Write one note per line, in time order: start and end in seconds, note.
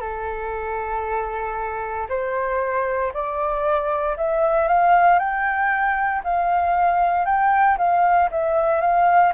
0.00 2.07 A4
2.09 3.12 C5
3.13 4.16 D5
4.17 4.68 E5
4.68 5.19 F5
5.19 6.22 G5
6.24 7.25 F5
7.25 7.77 G5
7.77 8.29 F5
8.31 8.81 E5
8.81 9.32 F5